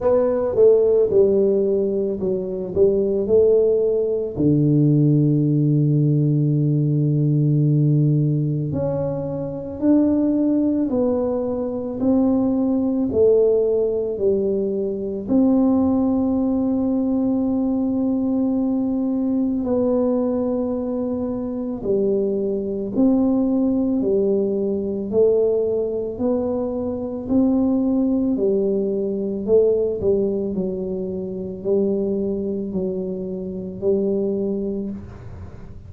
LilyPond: \new Staff \with { instrumentName = "tuba" } { \time 4/4 \tempo 4 = 55 b8 a8 g4 fis8 g8 a4 | d1 | cis'4 d'4 b4 c'4 | a4 g4 c'2~ |
c'2 b2 | g4 c'4 g4 a4 | b4 c'4 g4 a8 g8 | fis4 g4 fis4 g4 | }